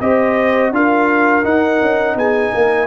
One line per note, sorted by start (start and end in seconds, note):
0.00 0.71 C4
0.00 0.73 G4
0.00 0.74 C5
0.00 0.73 D#5
0.71 1.43 D4
0.71 1.44 F4
0.71 2.17 A#4
0.71 1.45 F5
1.44 2.87 D#4
1.44 1.80 D#4
1.44 2.17 F#5
1.81 2.15 C#4
2.15 2.51 B3
2.15 2.53 G#4
2.15 2.87 G#5
2.53 2.87 A#3
2.53 2.87 A#4